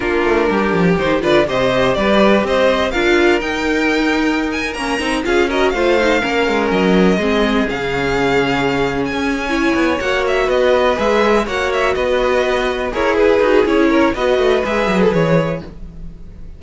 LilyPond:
<<
  \new Staff \with { instrumentName = "violin" } { \time 4/4 \tempo 4 = 123 ais'2 c''8 d''8 dis''4 | d''4 dis''4 f''4 g''4~ | g''4~ g''16 gis''8 ais''4 f''8 dis''8 f''16~ | f''4.~ f''16 dis''2 f''16~ |
f''2~ f''8 gis''4.~ | gis''8 fis''8 e''8 dis''4 e''4 fis''8 | e''8 dis''2 cis''8 b'4 | cis''4 dis''4 e''8. a'16 cis''4 | }
  \new Staff \with { instrumentName = "violin" } { \time 4/4 f'4 g'4. b'8 c''4 | b'4 c''4 ais'2~ | ais'2~ ais'8. gis'8 ais'8 c''16~ | c''8. ais'2 gis'4~ gis'16~ |
gis'2.~ gis'8 cis''8~ | cis''4. b'2 cis''8~ | cis''8 b'2 ais'8 gis'4~ | gis'8 ais'8 b'2. | }
  \new Staff \with { instrumentName = "viola" } { \time 4/4 d'2 dis'8 f'8 g'4~ | g'2 f'4 dis'4~ | dis'4.~ dis'16 cis'8 dis'8 f'8 fis'8 f'16~ | f'16 dis'8 cis'2 c'4 cis'16~ |
cis'2.~ cis'8 e'8~ | e'8 fis'2 gis'4 fis'8~ | fis'2~ fis'8 gis'4 fis'8 | e'4 fis'4 gis'2 | }
  \new Staff \with { instrumentName = "cello" } { \time 4/4 ais8 a8 g8 f8 dis8 d8 c4 | g4 c'4 d'4 dis'4~ | dis'4.~ dis'16 ais8 c'8 cis'4 a16~ | a8. ais8 gis8 fis4 gis4 cis16~ |
cis2~ cis8. cis'4~ cis'16 | b8 ais4 b4 gis4 ais8~ | ais8 b2 e'4 dis'8 | cis'4 b8 a8 gis8 fis8 e4 | }
>>